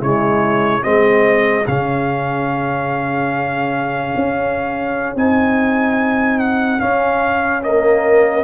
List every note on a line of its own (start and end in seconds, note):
0.00 0.83 C#3
0.00 0.82 G#3
0.00 0.82 E4
0.00 0.83 C#5
0.82 1.67 G#3
0.82 1.64 C4
0.82 7.60 G#4
0.82 1.65 D#5
1.67 4.14 C#3
1.67 5.16 C#4
1.67 5.16 F5
4.16 5.15 C#4
5.15 6.79 C4
5.15 6.80 D#4
5.15 6.39 G#5
6.39 6.80 F#5
6.80 7.62 C#4
6.80 8.43 C#4
6.80 7.62 F5
7.62 8.43 A#3
7.62 8.43 A#4
7.62 8.43 D#5